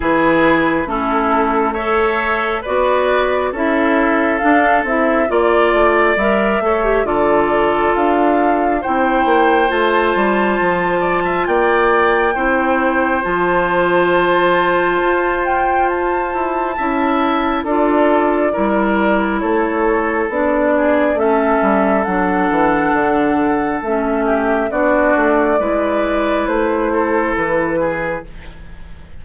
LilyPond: <<
  \new Staff \with { instrumentName = "flute" } { \time 4/4 \tempo 4 = 68 b'4 a'4 e''4 d''4 | e''4 f''8 e''8 d''4 e''4 | d''4 f''4 g''4 a''4~ | a''4 g''2 a''4~ |
a''4. g''8 a''2 | d''2 cis''4 d''4 | e''4 fis''2 e''4 | d''2 c''4 b'4 | }
  \new Staff \with { instrumentName = "oboe" } { \time 4/4 gis'4 e'4 cis''4 b'4 | a'2 d''4. cis''8 | a'2 c''2~ | c''8 d''16 e''16 d''4 c''2~ |
c''2. e''4 | a'4 ais'4 a'4. gis'8 | a'2.~ a'8 g'8 | fis'4 b'4. a'4 gis'8 | }
  \new Staff \with { instrumentName = "clarinet" } { \time 4/4 e'4 cis'4 a'4 fis'4 | e'4 d'8 e'8 f'4 ais'8 a'16 g'16 | f'2 e'4 f'4~ | f'2 e'4 f'4~ |
f'2. e'4 | f'4 e'2 d'4 | cis'4 d'2 cis'4 | d'4 e'2. | }
  \new Staff \with { instrumentName = "bassoon" } { \time 4/4 e4 a2 b4 | cis'4 d'8 c'8 ais8 a8 g8 a8 | d4 d'4 c'8 ais8 a8 g8 | f4 ais4 c'4 f4~ |
f4 f'4. e'8 cis'4 | d'4 g4 a4 b4 | a8 g8 fis8 e8 d4 a4 | b8 a8 gis4 a4 e4 | }
>>